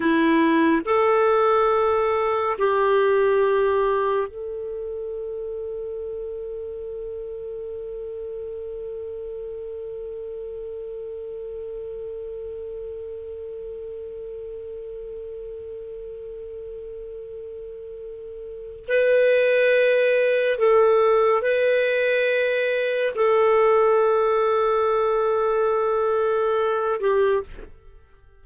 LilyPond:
\new Staff \with { instrumentName = "clarinet" } { \time 4/4 \tempo 4 = 70 e'4 a'2 g'4~ | g'4 a'2.~ | a'1~ | a'1~ |
a'1~ | a'2 b'2 | a'4 b'2 a'4~ | a'2.~ a'8 g'8 | }